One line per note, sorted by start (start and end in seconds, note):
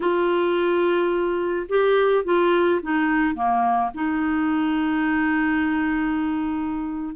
0.00 1.67 F4
1.68 2.24 G4
2.24 2.80 F4
2.82 3.34 D#4
3.34 3.90 A#3
3.94 7.15 D#4